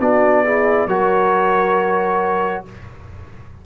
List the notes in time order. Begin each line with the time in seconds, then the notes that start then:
0.00 B3 D4 F#4 D5
0.44 E4 G#4
0.87 F#3 F#4 A#4 C#5